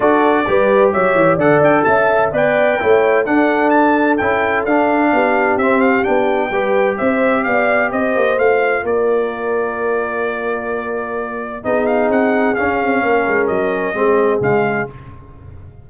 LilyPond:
<<
  \new Staff \with { instrumentName = "trumpet" } { \time 4/4 \tempo 4 = 129 d''2 e''4 fis''8 g''8 | a''4 g''2 fis''4 | a''4 g''4 f''2 | e''8 f''8 g''2 e''4 |
f''4 dis''4 f''4 d''4~ | d''1~ | d''4 dis''8 f''8 fis''4 f''4~ | f''4 dis''2 f''4 | }
  \new Staff \with { instrumentName = "horn" } { \time 4/4 a'4 b'4 cis''4 d''4 | e''4 d''4 cis''4 a'4~ | a'2. g'4~ | g'2 b'4 c''4 |
d''4 c''2 ais'4~ | ais'1~ | ais'4 gis'2. | ais'2 gis'2 | }
  \new Staff \with { instrumentName = "trombone" } { \time 4/4 fis'4 g'2 a'4~ | a'4 b'4 e'4 d'4~ | d'4 e'4 d'2 | c'4 d'4 g'2~ |
g'2 f'2~ | f'1~ | f'4 dis'2 cis'4~ | cis'2 c'4 gis4 | }
  \new Staff \with { instrumentName = "tuba" } { \time 4/4 d'4 g4 fis8 e8 d8 d'8 | cis'4 b4 a4 d'4~ | d'4 cis'4 d'4 b4 | c'4 b4 g4 c'4 |
b4 c'8 ais8 a4 ais4~ | ais1~ | ais4 b4 c'4 cis'8 c'8 | ais8 gis8 fis4 gis4 cis4 | }
>>